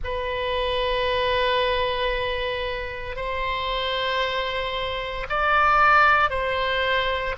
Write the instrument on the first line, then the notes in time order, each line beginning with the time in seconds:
oboe
0.03 B4
3.16 C5
5.29 D5
6.30 C5